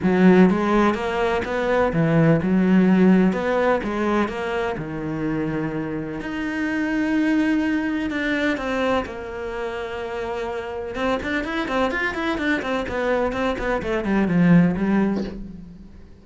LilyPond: \new Staff \with { instrumentName = "cello" } { \time 4/4 \tempo 4 = 126 fis4 gis4 ais4 b4 | e4 fis2 b4 | gis4 ais4 dis2~ | dis4 dis'2.~ |
dis'4 d'4 c'4 ais4~ | ais2. c'8 d'8 | e'8 c'8 f'8 e'8 d'8 c'8 b4 | c'8 b8 a8 g8 f4 g4 | }